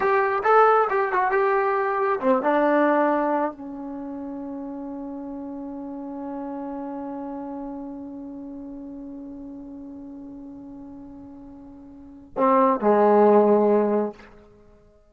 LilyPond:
\new Staff \with { instrumentName = "trombone" } { \time 4/4 \tempo 4 = 136 g'4 a'4 g'8 fis'8 g'4~ | g'4 c'8 d'2~ d'8 | cis'1~ | cis'1~ |
cis'1~ | cis'1~ | cis'1 | c'4 gis2. | }